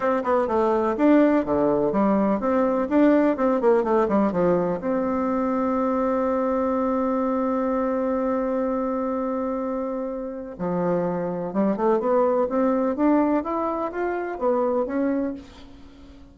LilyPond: \new Staff \with { instrumentName = "bassoon" } { \time 4/4 \tempo 4 = 125 c'8 b8 a4 d'4 d4 | g4 c'4 d'4 c'8 ais8 | a8 g8 f4 c'2~ | c'1~ |
c'1~ | c'2 f2 | g8 a8 b4 c'4 d'4 | e'4 f'4 b4 cis'4 | }